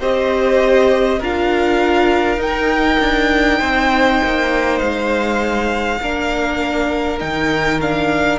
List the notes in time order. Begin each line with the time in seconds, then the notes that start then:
0.00 C4 G4 C5 D#5
1.20 D4 F4 A#4 F5
2.38 D#4 G5
3.00 D4
3.59 C4 C5
4.24 A#3
4.79 G#3 F5
6.02 A#3 D4 A#4
7.19 D#3 D#4 G5
7.82 D4 F5